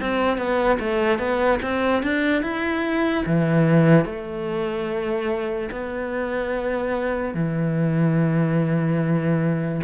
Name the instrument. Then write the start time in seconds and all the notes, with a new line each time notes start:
cello
0.00 C4
0.37 B3
0.79 A3
1.18 B3
1.62 C4
2.02 D4
2.42 E4
3.26 E3
4.05 A3
5.71 B3
7.34 E3